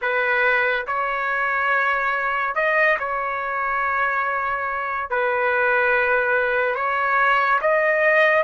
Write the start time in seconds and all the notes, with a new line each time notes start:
0.01 B4
0.86 C#5
2.55 D#5
2.99 C#5
5.10 B4
6.75 C#5
7.61 D#5